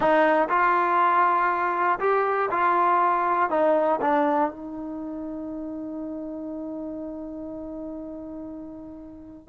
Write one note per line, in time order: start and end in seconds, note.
0.00 0.48 D#4
0.49 1.99 F4
1.99 2.49 G4
2.50 3.50 F4
3.50 4.00 D#4
4.01 4.50 D4
4.50 9.48 D#4